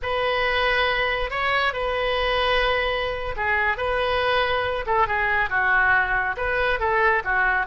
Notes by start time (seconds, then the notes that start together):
0.02 B4
1.30 C#5
1.73 B4
3.36 G#4
3.77 B4
4.86 A4
5.07 G#4
5.49 F#4
6.37 B4
6.79 A4
7.24 F#4